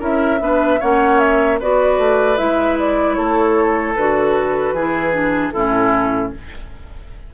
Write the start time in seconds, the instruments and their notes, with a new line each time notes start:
0.00 bassoon C#4, clarinet E4, oboe A#4, flute E5
0.40 bassoon B3, clarinet D4, oboe B4
0.80 bassoon A#3, clarinet C#4, oboe C#5, flute F#5
1.19 flute E5
1.60 bassoon B3, clarinet F#4, oboe B4, flute D5
1.98 bassoon A3
2.37 bassoon G#3, clarinet E4, flute E5
2.79 flute D5
3.14 bassoon A3, oboe A4, flute C#5
3.96 bassoon D3, clarinet F#4, flute B4
4.73 bassoon E3, clarinet E4, oboe G#4
5.13 clarinet D4
5.51 bassoon A2, clarinet C#4, oboe E4, flute A4